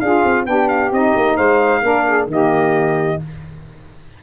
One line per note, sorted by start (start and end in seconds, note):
0.00 0.24 D4
0.00 0.45 F4
0.00 0.46 G#4
0.00 0.45 F5
0.25 0.47 C4
0.45 0.92 B3
0.45 0.91 D4
0.45 1.36 G4
0.45 0.69 G5
0.69 0.91 F5
0.92 1.14 C4
0.92 1.82 D#4
0.92 1.37 D#5
1.16 1.38 A#3
1.36 1.83 G#3
1.36 1.82 C5
1.36 2.28 F5
1.82 2.27 A#3
1.82 2.28 D4
1.82 2.07 A#4
2.07 2.30 G#4
2.27 3.18 D#3
2.27 3.20 A#3
2.27 3.23 G4
2.27 3.23 D#5